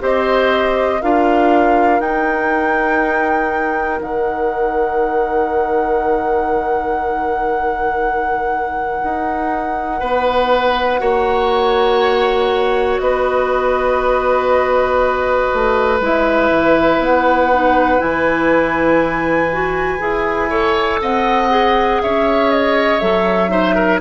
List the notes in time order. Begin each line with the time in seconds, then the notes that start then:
0.00 C4 G4 C5 D#5
1.01 D4 F4 A#4 F5
2.00 D#4 G5
4.01 D#3 F#5
9.03 D#4
10.00 B3 B4
10.99 A#3 F#4 C#5
12.99 B3 B4 D#5
15.53 A3
16.00 G#3 E4 E5
16.51 E3
16.99 B3 F#5
17.52 D#4
17.98 E3 E4 G#5
19.52 F#4
19.99 E4 G#4
20.49 A4 C#5
21.01 C4 D#5 F#5
21.50 G#4
22.02 C#4 C#5 E5
22.50 D#5
22.99 F#3 A4 E5
23.49 D#4 C5
23.75 A#4